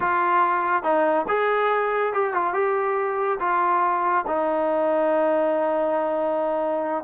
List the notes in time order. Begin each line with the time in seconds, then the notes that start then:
0.00 F4
0.83 D#4
1.28 G#4
2.13 G4
2.33 F4
2.53 G4
3.39 F4
4.27 D#4